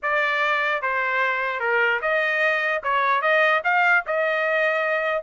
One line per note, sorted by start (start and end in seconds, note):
0.02 0.82 D5
0.82 1.60 C5
1.60 2.00 A#4
2.01 2.82 D#5
2.83 3.21 C#5
3.21 3.61 D#5
3.64 4.04 F5
4.06 5.22 D#5